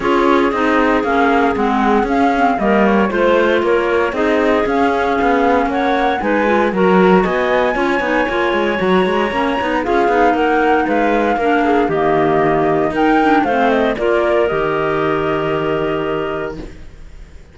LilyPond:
<<
  \new Staff \with { instrumentName = "flute" } { \time 4/4 \tempo 4 = 116 cis''4 dis''4 f''4 fis''4 | f''4 dis''8 cis''8 c''4 cis''4 | dis''4 f''2 fis''4 | gis''4 ais''4 gis''2~ |
gis''4 ais''2 f''4 | fis''4 f''2 dis''4~ | dis''4 g''4 f''8 dis''8 d''4 | dis''1 | }
  \new Staff \with { instrumentName = "clarinet" } { \time 4/4 gis'1~ | gis'4 ais'4 c''4 ais'4 | gis'2. cis''4 | b'4 ais'4 dis''4 cis''4~ |
cis''2. gis'4 | ais'4 b'4 ais'8 gis'8 g'4~ | g'4 ais'4 c''4 ais'4~ | ais'1 | }
  \new Staff \with { instrumentName = "clarinet" } { \time 4/4 f'4 dis'4 cis'4 c'4 | cis'8 c'8 ais4 f'2 | dis'4 cis'2. | dis'8 f'8 fis'2 f'8 dis'8 |
f'4 fis'4 cis'8 dis'8 f'8 dis'8~ | dis'2 d'4 ais4~ | ais4 dis'8 d'8 c'4 f'4 | g'1 | }
  \new Staff \with { instrumentName = "cello" } { \time 4/4 cis'4 c'4 ais4 gis4 | cis'4 g4 a4 ais4 | c'4 cis'4 b4 ais4 | gis4 fis4 b4 cis'8 b8 |
ais8 gis8 fis8 gis8 ais8 b8 cis'8 b8 | ais4 gis4 ais4 dis4~ | dis4 dis'4 a4 ais4 | dis1 | }
>>